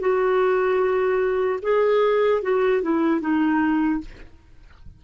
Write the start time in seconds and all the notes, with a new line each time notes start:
0.00 F#4
1.63 G#4
2.42 F#4
2.82 E4
3.20 D#4